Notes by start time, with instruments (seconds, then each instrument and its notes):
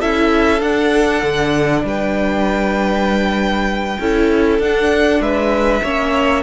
0.00 cello C#4, viola E4, violin A4 E5
0.61 viola D4, cello D4, violin F#5
1.23 cello D3
1.84 cello G3, violin B4 G5
4.00 cello C#4, viola E4, violin A4
4.59 cello D4, viola D4, violin F#5
5.21 cello G#3, violin B4 E5
5.83 cello A#3, viola C#4, violin C#5